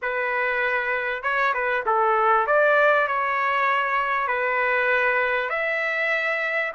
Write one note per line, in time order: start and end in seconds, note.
0.02 1.22 B4
1.22 1.53 C#5
1.54 1.84 B4
1.86 2.46 A4
2.46 3.07 D5
3.07 4.27 C#5
4.27 5.49 B4
5.49 6.72 E5